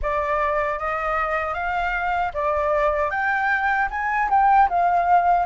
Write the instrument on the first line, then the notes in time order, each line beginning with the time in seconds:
flute
0.02 D5
0.78 D#5
1.54 F5
2.33 D5
3.10 G5
3.90 G#5
4.30 G5
4.69 F5